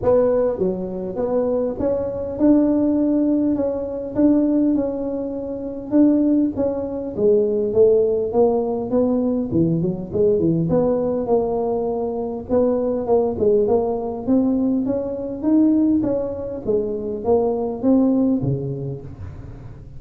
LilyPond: \new Staff \with { instrumentName = "tuba" } { \time 4/4 \tempo 4 = 101 b4 fis4 b4 cis'4 | d'2 cis'4 d'4 | cis'2 d'4 cis'4 | gis4 a4 ais4 b4 |
e8 fis8 gis8 e8 b4 ais4~ | ais4 b4 ais8 gis8 ais4 | c'4 cis'4 dis'4 cis'4 | gis4 ais4 c'4 cis4 | }